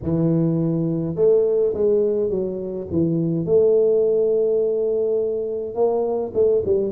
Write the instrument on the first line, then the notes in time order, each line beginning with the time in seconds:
tuba
0.02 E3
1.15 A3
1.74 G#3
2.29 F#3
2.91 E3
3.45 A3
5.74 A#3
6.34 A3
6.65 G3